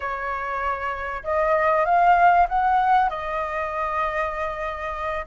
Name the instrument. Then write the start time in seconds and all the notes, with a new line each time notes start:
flute
0.00 C#5
1.23 D#5
1.85 F5
2.48 F#5
3.09 D#5